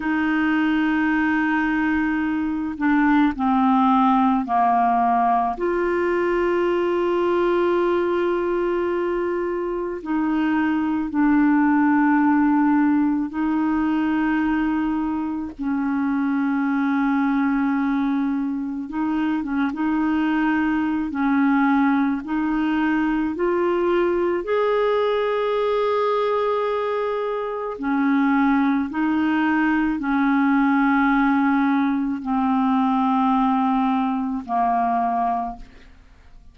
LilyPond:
\new Staff \with { instrumentName = "clarinet" } { \time 4/4 \tempo 4 = 54 dis'2~ dis'8 d'8 c'4 | ais4 f'2.~ | f'4 dis'4 d'2 | dis'2 cis'2~ |
cis'4 dis'8 cis'16 dis'4~ dis'16 cis'4 | dis'4 f'4 gis'2~ | gis'4 cis'4 dis'4 cis'4~ | cis'4 c'2 ais4 | }